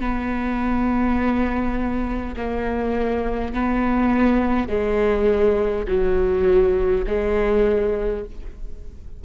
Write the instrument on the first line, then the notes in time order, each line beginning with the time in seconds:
viola
0.00 B3
2.36 A#3
3.53 B3
4.68 G#3
5.88 F#3
7.06 G#3